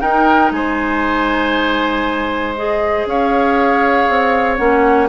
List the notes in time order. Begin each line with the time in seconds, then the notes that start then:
0.00 D#4 A#4 G5
0.51 G#3 C5 G#5
2.56 G#4 D#5
3.05 C#4 C#5 F5
4.09 C4
4.56 A#3 C#4 F#5